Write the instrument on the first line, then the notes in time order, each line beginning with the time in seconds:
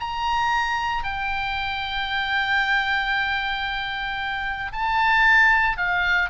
oboe
0.00 A#5
1.04 G5
4.72 A5
5.77 F5